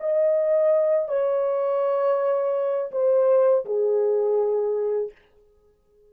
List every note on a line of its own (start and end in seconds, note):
0.00 1.08 D#5
1.08 2.91 C#5
2.91 3.65 C5
3.66 5.12 G#4